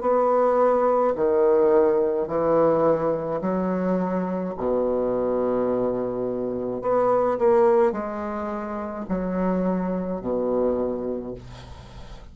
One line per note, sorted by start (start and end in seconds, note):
0.00 1.13 B3
1.15 2.27 D#3
2.27 3.41 E3
3.41 4.54 F#3
4.57 6.81 B2
6.81 7.38 B3
7.38 7.92 A#3
7.92 9.05 G#3
9.08 10.21 F#3
10.21 11.34 B2